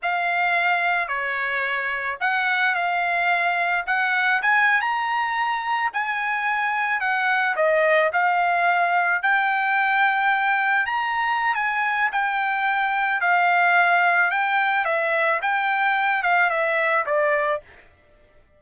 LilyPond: \new Staff \with { instrumentName = "trumpet" } { \time 4/4 \tempo 4 = 109 f''2 cis''2 | fis''4 f''2 fis''4 | gis''8. ais''2 gis''4~ gis''16~ | gis''8. fis''4 dis''4 f''4~ f''16~ |
f''8. g''2. ais''16~ | ais''4 gis''4 g''2 | f''2 g''4 e''4 | g''4. f''8 e''4 d''4 | }